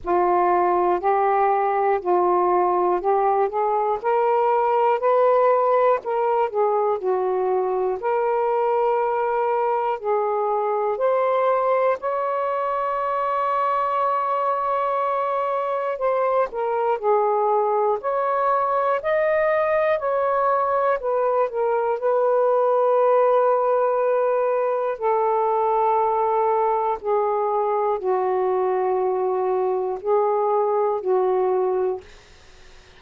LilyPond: \new Staff \with { instrumentName = "saxophone" } { \time 4/4 \tempo 4 = 60 f'4 g'4 f'4 g'8 gis'8 | ais'4 b'4 ais'8 gis'8 fis'4 | ais'2 gis'4 c''4 | cis''1 |
c''8 ais'8 gis'4 cis''4 dis''4 | cis''4 b'8 ais'8 b'2~ | b'4 a'2 gis'4 | fis'2 gis'4 fis'4 | }